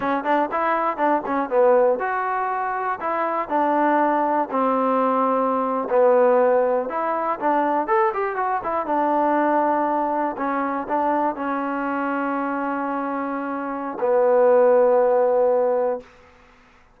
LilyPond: \new Staff \with { instrumentName = "trombone" } { \time 4/4 \tempo 4 = 120 cis'8 d'8 e'4 d'8 cis'8 b4 | fis'2 e'4 d'4~ | d'4 c'2~ c'8. b16~ | b4.~ b16 e'4 d'4 a'16~ |
a'16 g'8 fis'8 e'8 d'2~ d'16~ | d'8. cis'4 d'4 cis'4~ cis'16~ | cis'1 | b1 | }